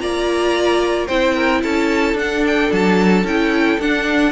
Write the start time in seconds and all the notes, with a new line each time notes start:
0.00 A#3 F4 D5 A#5
1.07 C4 E4 C5 G5
1.34 A#4
1.63 C#4 A4 A5
2.14 D4 F#5
2.20 D4
2.47 G5
2.73 F#3 A5
3.24 C#4 E4 G5
3.80 D4 F#5